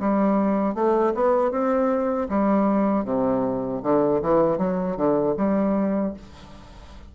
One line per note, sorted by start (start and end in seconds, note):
0.00 0.75 G3
0.75 1.13 A3
1.15 1.51 B3
1.51 2.28 C4
2.29 3.05 G3
3.05 3.82 C3
3.83 4.21 D3
4.22 4.58 E3
4.58 4.97 F#3
4.97 5.35 D3
5.37 6.14 G3